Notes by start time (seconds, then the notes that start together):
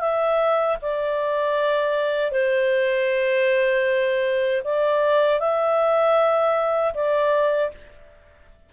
0.00 E5
0.82 D5
2.31 C5
4.64 D5
5.40 E5
6.94 D5